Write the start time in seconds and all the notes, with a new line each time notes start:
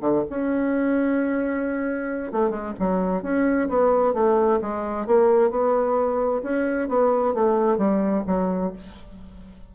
0.00 D3
0.29 C#4
2.32 A3
2.50 G#3
2.79 F#3
3.22 C#4
3.69 B3
4.13 A3
4.61 G#3
5.06 A#3
5.50 B3
6.42 C#4
6.88 B3
7.34 A3
7.77 G3
8.27 F#3